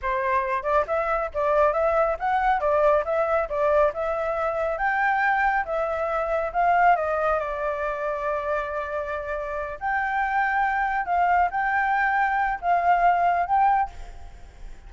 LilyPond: \new Staff \with { instrumentName = "flute" } { \time 4/4 \tempo 4 = 138 c''4. d''8 e''4 d''4 | e''4 fis''4 d''4 e''4 | d''4 e''2 g''4~ | g''4 e''2 f''4 |
dis''4 d''2.~ | d''2~ d''8 g''4.~ | g''4. f''4 g''4.~ | g''4 f''2 g''4 | }